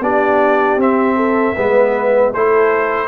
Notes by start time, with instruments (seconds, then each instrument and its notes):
0.00 tuba B3, trombone D4, horn G4, trumpet D5
0.76 tuba C4, trombone C4, trumpet E5
1.16 horn A4
1.54 tuba G#3, trombone B3, horn B4
2.31 tuba A3, trombone E4, horn A4, trumpet C5